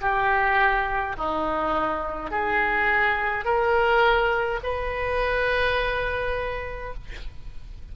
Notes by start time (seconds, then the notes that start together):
0.00 G4
1.17 D#4
2.31 G#4
3.44 A#4
4.63 B4